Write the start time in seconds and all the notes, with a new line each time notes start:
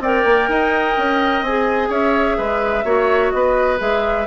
0.00 C4 A#4 D5 G5
0.25 A#3
0.48 D#4 D#5
0.98 C#4
1.42 C4 G#4 G#5
1.89 C#4 C#5 E5
2.38 G#3 B4
2.85 A#3 F#4 C#5
3.31 B3 B4 D#5
3.78 G#3 G#4 E5